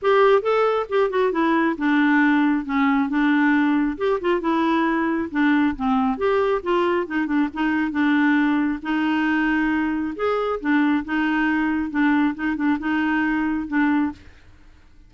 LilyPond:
\new Staff \with { instrumentName = "clarinet" } { \time 4/4 \tempo 4 = 136 g'4 a'4 g'8 fis'8 e'4 | d'2 cis'4 d'4~ | d'4 g'8 f'8 e'2 | d'4 c'4 g'4 f'4 |
dis'8 d'8 dis'4 d'2 | dis'2. gis'4 | d'4 dis'2 d'4 | dis'8 d'8 dis'2 d'4 | }